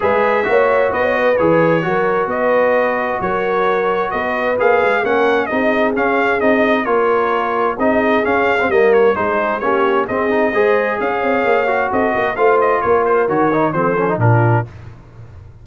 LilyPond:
<<
  \new Staff \with { instrumentName = "trumpet" } { \time 4/4 \tempo 4 = 131 e''2 dis''4 cis''4~ | cis''4 dis''2 cis''4~ | cis''4 dis''4 f''4 fis''4 | dis''4 f''4 dis''4 cis''4~ |
cis''4 dis''4 f''4 dis''8 cis''8 | c''4 cis''4 dis''2 | f''2 dis''4 f''8 dis''8 | cis''8 c''8 cis''4 c''4 ais'4 | }
  \new Staff \with { instrumentName = "horn" } { \time 4/4 b'4 cis''4 b'16 cis''16 b'4. | ais'4 b'2 ais'4~ | ais'4 b'2 ais'4 | gis'2. ais'4~ |
ais'4 gis'2 ais'4 | gis'4 g'4 gis'4 c''4 | cis''2 a'8 ais'8 c''4 | ais'2 a'4 f'4 | }
  \new Staff \with { instrumentName = "trombone" } { \time 4/4 gis'4 fis'2 gis'4 | fis'1~ | fis'2 gis'4 cis'4 | dis'4 cis'4 dis'4 f'4~ |
f'4 dis'4 cis'8. c'16 ais4 | dis'4 cis'4 c'8 dis'8 gis'4~ | gis'4. fis'4. f'4~ | f'4 fis'8 dis'8 c'8 cis'16 dis'16 d'4 | }
  \new Staff \with { instrumentName = "tuba" } { \time 4/4 gis4 ais4 b4 e4 | fis4 b2 fis4~ | fis4 b4 ais8 gis8 ais4 | c'4 cis'4 c'4 ais4~ |
ais4 c'4 cis'4 g4 | gis4 ais4 c'4 gis4 | cis'8 c'8 ais4 c'8 ais8 a4 | ais4 dis4 f4 ais,4 | }
>>